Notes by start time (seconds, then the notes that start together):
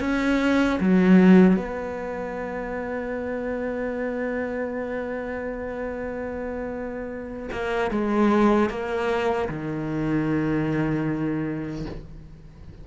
0.00 C#4
0.80 F#3
1.56 B3
7.52 A#3
7.91 G#3
8.69 A#3
9.49 D#3